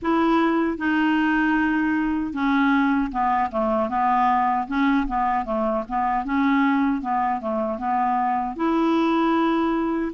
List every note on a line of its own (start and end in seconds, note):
0.01 0.77 E4
0.77 2.33 D#4
2.33 3.11 C#4
3.11 3.50 B3
3.51 3.89 A3
3.89 4.67 B3
4.68 5.06 C#4
5.06 5.45 B3
5.45 5.84 A3
5.88 6.24 B3
6.24 7.01 C#4
7.01 7.40 B3
7.40 7.78 A3
7.78 8.56 B3
8.56 10.12 E4